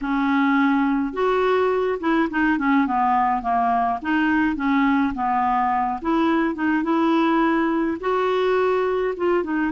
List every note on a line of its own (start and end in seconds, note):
0.01 1.13 C#4
1.13 1.98 F#4
2.00 2.28 E4
2.30 2.58 D#4
2.58 2.86 C#4
2.86 3.42 B3
3.42 3.99 A#3
4.02 4.56 D#4
4.56 5.13 C#4
5.14 6.00 B3
6.01 6.55 E4
6.55 6.83 D#4
6.83 7.97 E4
8.00 9.14 F#4
9.17 9.43 F4
9.43 9.71 D#4